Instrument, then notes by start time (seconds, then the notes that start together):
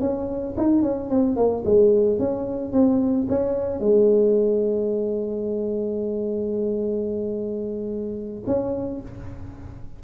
tuba
0.00 C#4
0.57 D#4
0.82 C#4
1.10 C4
1.36 A#3
1.65 G#3
2.19 C#4
2.72 C4
3.29 C#4
3.80 G#3
8.46 C#4